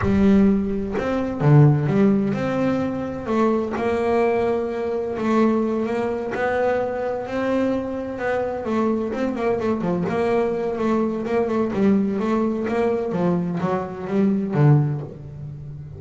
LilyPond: \new Staff \with { instrumentName = "double bass" } { \time 4/4 \tempo 4 = 128 g2 c'4 d4 | g4 c'2 a4 | ais2. a4~ | a8 ais4 b2 c'8~ |
c'4. b4 a4 c'8 | ais8 a8 f8 ais4. a4 | ais8 a8 g4 a4 ais4 | f4 fis4 g4 d4 | }